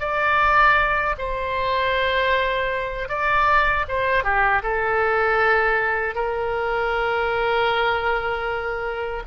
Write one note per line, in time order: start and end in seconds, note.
0.00 1.15 D5
1.18 3.09 C5
3.09 3.86 D5
3.88 4.24 C5
4.24 4.62 G4
4.63 6.15 A4
6.15 9.23 A#4